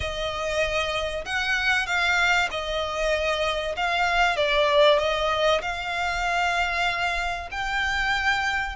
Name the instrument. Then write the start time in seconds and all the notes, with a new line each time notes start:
violin
0.00 D#5
1.25 F#5
1.86 F5
2.50 D#5
3.76 F5
4.36 D5
4.98 D#5
5.61 F5
7.51 G5